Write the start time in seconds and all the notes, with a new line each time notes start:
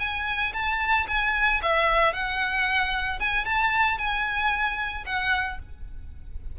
0.00 G#5
0.54 A5
1.08 G#5
1.63 E5
2.14 F#5
3.20 G#5
3.46 A5
3.99 G#5
5.06 F#5